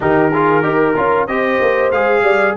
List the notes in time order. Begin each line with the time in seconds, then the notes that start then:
0.00 D#3 D#4 G4 A#4
0.31 F4 G#4
0.62 D#4 G4 A#4
0.96 C#4 F4
1.27 C4 G4 C5 D#5
1.61 A#3
1.91 G#3 G#4 F5
2.22 G3 D5